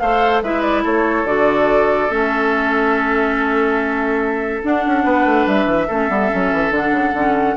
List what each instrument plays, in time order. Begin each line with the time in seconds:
0.00 bassoon A3, clarinet A4, oboe C5, flute F5
0.43 bassoon G#3, clarinet E4, oboe B4, flute E5
0.62 flute D5
0.83 bassoon A3, oboe A4, flute C#5
1.24 bassoon D3, clarinet F#4, flute D5
2.10 bassoon A3, clarinet C#4, flute E5
4.63 clarinet D4, bassoon D4, flute F#5
4.87 bassoon C#4
5.05 bassoon B3, oboe B4
5.26 bassoon A3
5.47 bassoon G3, flute E5
5.66 bassoon E3
5.88 bassoon A3, clarinet C#4, oboe A4
6.09 bassoon G3, clarinet B3
6.30 bassoon F#3, clarinet C#4
6.53 bassoon E3
6.71 bassoon D3, clarinet D4, flute F#5
6.92 bassoon C#3
7.14 bassoon D3, clarinet C#4